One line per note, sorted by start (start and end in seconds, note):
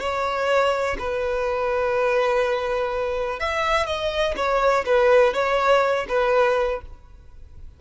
0.00 0.97 C#5
0.99 3.39 B4
3.39 3.86 E5
3.86 4.35 D#5
4.36 4.85 C#5
4.85 5.34 B4
5.34 6.06 C#5
6.09 6.81 B4